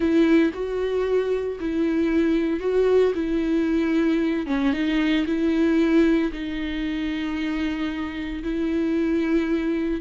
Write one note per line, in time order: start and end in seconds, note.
0.00 0.51 E4
0.53 1.58 F#4
1.60 2.60 E4
2.60 3.12 F#4
3.14 4.46 E4
4.46 4.72 C#4
4.72 5.25 D#4
5.26 6.31 E4
6.32 8.42 D#4
8.43 10.00 E4